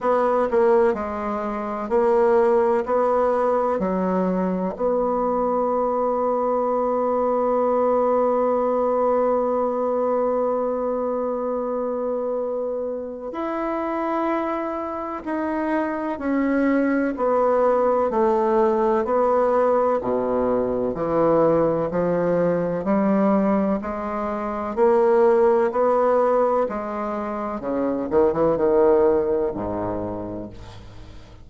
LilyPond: \new Staff \with { instrumentName = "bassoon" } { \time 4/4 \tempo 4 = 63 b8 ais8 gis4 ais4 b4 | fis4 b2.~ | b1~ | b2 e'2 |
dis'4 cis'4 b4 a4 | b4 b,4 e4 f4 | g4 gis4 ais4 b4 | gis4 cis8 dis16 e16 dis4 gis,4 | }